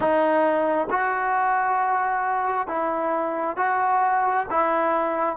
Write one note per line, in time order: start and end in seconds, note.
0.00 0.88 D#4
0.90 2.67 F#4
2.67 3.56 E4
3.56 4.46 F#4
4.50 5.36 E4